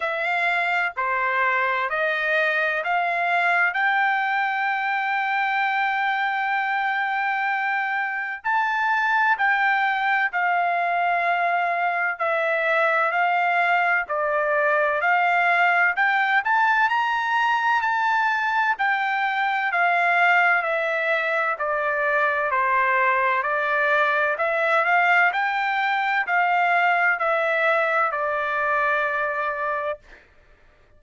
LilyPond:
\new Staff \with { instrumentName = "trumpet" } { \time 4/4 \tempo 4 = 64 f''4 c''4 dis''4 f''4 | g''1~ | g''4 a''4 g''4 f''4~ | f''4 e''4 f''4 d''4 |
f''4 g''8 a''8 ais''4 a''4 | g''4 f''4 e''4 d''4 | c''4 d''4 e''8 f''8 g''4 | f''4 e''4 d''2 | }